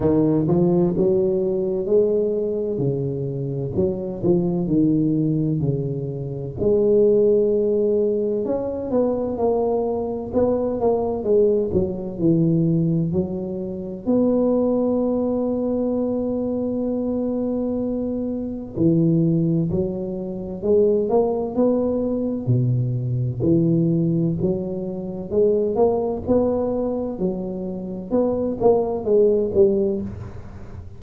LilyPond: \new Staff \with { instrumentName = "tuba" } { \time 4/4 \tempo 4 = 64 dis8 f8 fis4 gis4 cis4 | fis8 f8 dis4 cis4 gis4~ | gis4 cis'8 b8 ais4 b8 ais8 | gis8 fis8 e4 fis4 b4~ |
b1 | e4 fis4 gis8 ais8 b4 | b,4 e4 fis4 gis8 ais8 | b4 fis4 b8 ais8 gis8 g8 | }